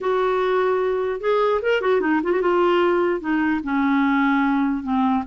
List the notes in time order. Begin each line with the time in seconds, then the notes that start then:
0.00 F#4
1.20 G#4
1.62 A#4
1.81 F#4
2.00 D#4
2.23 F4
2.31 F#4
2.41 F4
3.20 D#4
3.63 C#4
4.83 C4